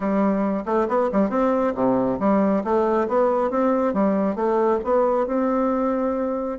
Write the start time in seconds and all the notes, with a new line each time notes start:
0.00 G3
0.65 A3
0.88 B3
1.11 G3
1.29 C4
1.74 C3
2.19 G3
2.63 A3
3.08 B3
3.50 C4
3.93 G3
4.35 A3
4.84 B3
5.27 C4